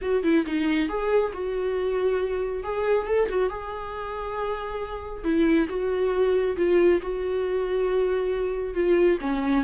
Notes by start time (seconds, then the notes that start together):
0.01 F#4
0.23 E4
0.46 D#4
0.88 G#4
1.33 F#4
2.63 G#4
3.07 A4
3.29 F#4
3.49 G#4
5.24 E4
5.68 F#4
6.57 F4
7.02 F#4
8.74 F4
9.20 C#4